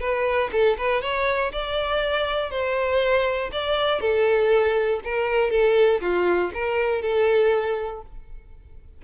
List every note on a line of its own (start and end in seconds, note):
0.00 0.50 B4
0.52 0.77 A4
0.77 1.01 B4
1.01 1.51 C#5
1.52 2.50 D5
2.50 3.50 C5
3.52 4.00 D5
4.00 5.00 A4
5.04 5.50 A#4
5.50 6.00 A4
6.01 6.51 F4
6.53 7.01 A#4
7.01 8.01 A4